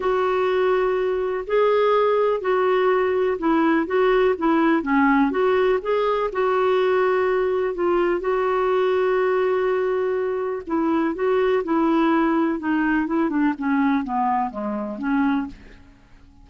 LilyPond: \new Staff \with { instrumentName = "clarinet" } { \time 4/4 \tempo 4 = 124 fis'2. gis'4~ | gis'4 fis'2 e'4 | fis'4 e'4 cis'4 fis'4 | gis'4 fis'2. |
f'4 fis'2.~ | fis'2 e'4 fis'4 | e'2 dis'4 e'8 d'8 | cis'4 b4 gis4 cis'4 | }